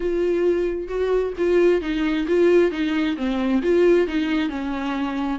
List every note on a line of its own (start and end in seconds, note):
0.00 0.88 F4
0.88 1.33 F#4
1.37 1.81 F4
1.81 2.26 D#4
2.27 2.71 F4
2.71 3.16 D#4
3.16 3.62 C4
3.62 4.07 F4
4.07 4.49 D#4
4.49 5.39 C#4